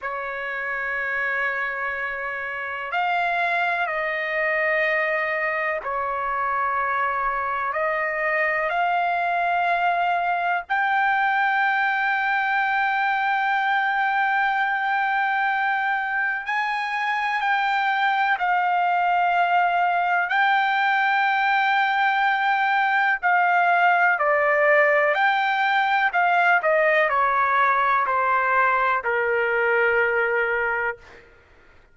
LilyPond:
\new Staff \with { instrumentName = "trumpet" } { \time 4/4 \tempo 4 = 62 cis''2. f''4 | dis''2 cis''2 | dis''4 f''2 g''4~ | g''1~ |
g''4 gis''4 g''4 f''4~ | f''4 g''2. | f''4 d''4 g''4 f''8 dis''8 | cis''4 c''4 ais'2 | }